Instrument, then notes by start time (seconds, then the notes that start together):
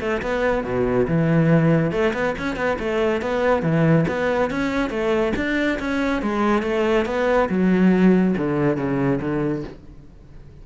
cello
0.00 A3
0.22 B3
0.64 B2
1.08 E3
1.91 A3
2.14 B3
2.39 C#4
2.56 B3
2.79 A3
3.22 B3
3.62 E3
4.08 B3
4.50 C#4
4.90 A3
5.36 D4
5.79 C#4
6.22 G#3
6.63 A3
7.06 B3
7.49 F#3
8.37 D3
8.77 C#3
9.21 D3